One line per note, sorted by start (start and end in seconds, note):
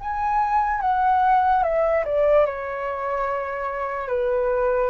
0.00 0.81 G#5
0.81 1.63 F#5
1.63 2.04 E5
2.05 2.46 D5
2.46 4.08 C#5
4.08 4.90 B4